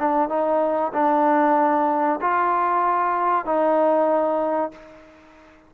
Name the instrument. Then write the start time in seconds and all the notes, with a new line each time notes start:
trombone
0.00 D4
0.30 D#4
0.94 D4
2.21 F4
3.46 D#4